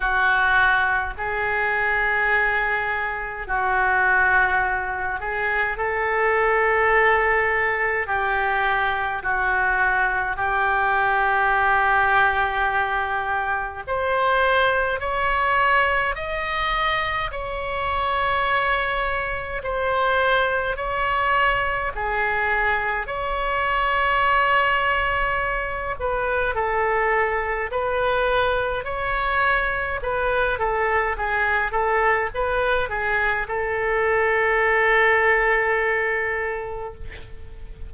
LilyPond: \new Staff \with { instrumentName = "oboe" } { \time 4/4 \tempo 4 = 52 fis'4 gis'2 fis'4~ | fis'8 gis'8 a'2 g'4 | fis'4 g'2. | c''4 cis''4 dis''4 cis''4~ |
cis''4 c''4 cis''4 gis'4 | cis''2~ cis''8 b'8 a'4 | b'4 cis''4 b'8 a'8 gis'8 a'8 | b'8 gis'8 a'2. | }